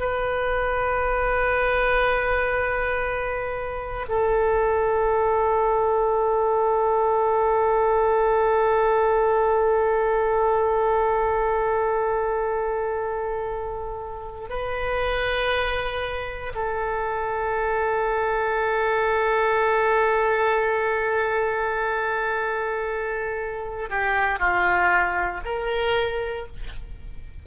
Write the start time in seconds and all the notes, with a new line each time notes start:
0.00 B4
4.09 A4
14.50 B4
16.55 A4
23.90 G4
24.39 F4
25.45 A#4